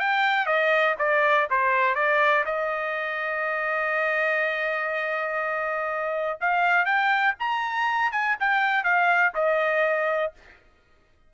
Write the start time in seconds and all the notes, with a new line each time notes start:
0.00 G5
0.47 D#5
0.99 D5
1.50 C5
1.95 D5
2.46 D#5
6.41 F5
6.86 G5
7.40 A#5
8.12 G#5
8.40 G5
8.84 F5
9.35 D#5